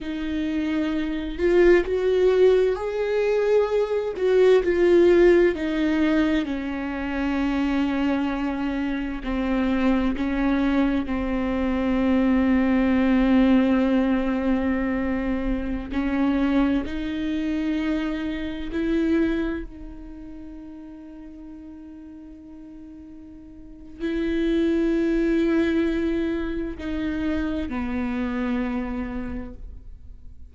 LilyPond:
\new Staff \with { instrumentName = "viola" } { \time 4/4 \tempo 4 = 65 dis'4. f'8 fis'4 gis'4~ | gis'8 fis'8 f'4 dis'4 cis'4~ | cis'2 c'4 cis'4 | c'1~ |
c'4~ c'16 cis'4 dis'4.~ dis'16~ | dis'16 e'4 dis'2~ dis'8.~ | dis'2 e'2~ | e'4 dis'4 b2 | }